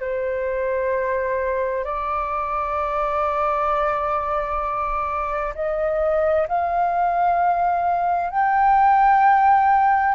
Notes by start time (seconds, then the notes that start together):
0.00 C5
1.84 D5
5.55 D#5
6.48 F5
8.30 G5